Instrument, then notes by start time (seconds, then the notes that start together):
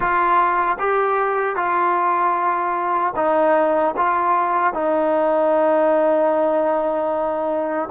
trombone
0.00 F4
0.79 G4
1.56 F4
3.15 D#4
3.97 F4
4.73 D#4